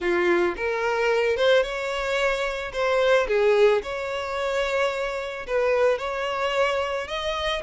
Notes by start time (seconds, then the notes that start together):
0.00 F4
0.56 A#4
1.36 C5
1.62 C#5
2.72 C5
3.27 G#4
3.82 C#5
5.47 B4
5.98 C#5
7.07 D#5